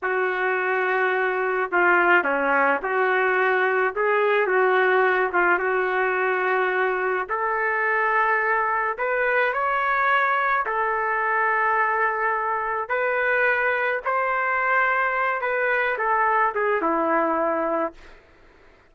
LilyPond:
\new Staff \with { instrumentName = "trumpet" } { \time 4/4 \tempo 4 = 107 fis'2. f'4 | cis'4 fis'2 gis'4 | fis'4. f'8 fis'2~ | fis'4 a'2. |
b'4 cis''2 a'4~ | a'2. b'4~ | b'4 c''2~ c''8 b'8~ | b'8 a'4 gis'8 e'2 | }